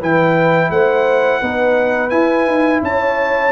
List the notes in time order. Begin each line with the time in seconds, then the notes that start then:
0.00 E3 E4 B4 G5
0.71 A3 C5 F#5
1.41 B3 D#4 B4
2.10 E4 G#5
2.47 D#4
2.83 C#4 C#5 A5